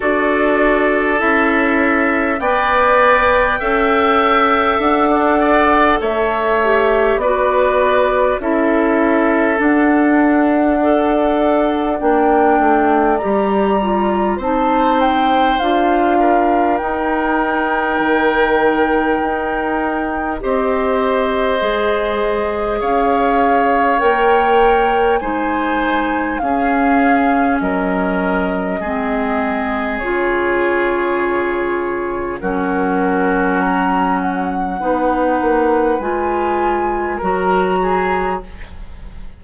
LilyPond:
<<
  \new Staff \with { instrumentName = "flute" } { \time 4/4 \tempo 4 = 50 d''4 e''4 g''2 | fis''4 e''4 d''4 e''4 | fis''2 g''4 ais''4 | a''8 g''8 f''4 g''2~ |
g''4 dis''2 f''4 | g''4 gis''4 f''4 dis''4~ | dis''4 cis''2 ais'4 | ais''8 fis''4. gis''4 ais''4 | }
  \new Staff \with { instrumentName = "oboe" } { \time 4/4 a'2 d''4 e''4~ | e''16 d'16 d''8 cis''4 b'4 a'4~ | a'4 d''2. | c''4. ais'2~ ais'8~ |
ais'4 c''2 cis''4~ | cis''4 c''4 gis'4 ais'4 | gis'2. fis'4~ | fis'4 b'2 ais'8 gis'8 | }
  \new Staff \with { instrumentName = "clarinet" } { \time 4/4 fis'4 e'4 b'4 a'4~ | a'4. g'8 fis'4 e'4 | d'4 a'4 d'4 g'8 f'8 | dis'4 f'4 dis'2~ |
dis'4 g'4 gis'2 | ais'4 dis'4 cis'2 | c'4 f'2 cis'4~ | cis'4 dis'4 f'4 fis'4 | }
  \new Staff \with { instrumentName = "bassoon" } { \time 4/4 d'4 cis'4 b4 cis'4 | d'4 a4 b4 cis'4 | d'2 ais8 a8 g4 | c'4 d'4 dis'4 dis4 |
dis'4 c'4 gis4 cis'4 | ais4 gis4 cis'4 fis4 | gis4 cis2 fis4~ | fis4 b8 ais8 gis4 fis4 | }
>>